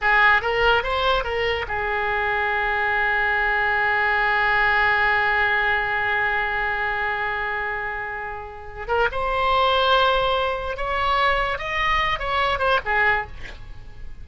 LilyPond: \new Staff \with { instrumentName = "oboe" } { \time 4/4 \tempo 4 = 145 gis'4 ais'4 c''4 ais'4 | gis'1~ | gis'1~ | gis'1~ |
gis'1~ | gis'4. ais'8 c''2~ | c''2 cis''2 | dis''4. cis''4 c''8 gis'4 | }